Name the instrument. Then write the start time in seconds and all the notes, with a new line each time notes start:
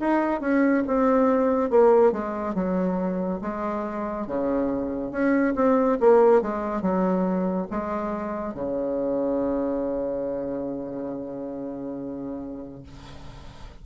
bassoon
0.00 D#4
0.41 C#4
0.87 C4
1.71 A#3
2.12 G#3
2.55 F#3
3.42 G#3
4.27 C#3
5.12 C#4
5.56 C4
6.01 A#3
6.42 G#3
6.82 F#3
7.71 G#3
8.54 C#3